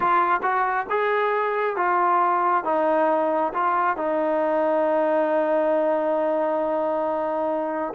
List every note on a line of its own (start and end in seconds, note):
0.00 0.41 F4
0.42 0.86 F#4
0.89 1.76 G#4
1.76 2.64 F4
2.64 3.52 D#4
3.53 3.96 F4
3.96 7.93 D#4